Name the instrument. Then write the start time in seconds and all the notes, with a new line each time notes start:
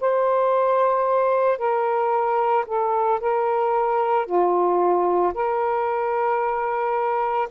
saxophone
0.00 C5
1.58 A#4
2.66 A4
3.20 A#4
4.26 F4
5.34 A#4